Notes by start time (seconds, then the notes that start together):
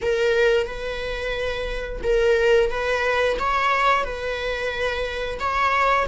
0.01 A#4
0.66 B4
2.03 A#4
2.70 B4
3.39 C#5
4.04 B4
5.39 C#5